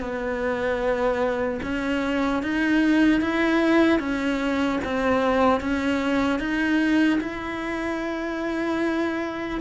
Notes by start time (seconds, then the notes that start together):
0.00 B3
1.63 C#4
2.43 D#4
3.21 E4
4.00 C#4
4.84 C4
5.60 C#4
6.40 D#4
7.20 E4